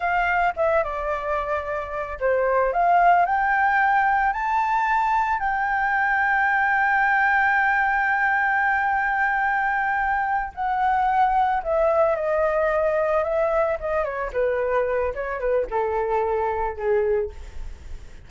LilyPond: \new Staff \with { instrumentName = "flute" } { \time 4/4 \tempo 4 = 111 f''4 e''8 d''2~ d''8 | c''4 f''4 g''2 | a''2 g''2~ | g''1~ |
g''2.~ g''8 fis''8~ | fis''4. e''4 dis''4.~ | dis''8 e''4 dis''8 cis''8 b'4. | cis''8 b'8 a'2 gis'4 | }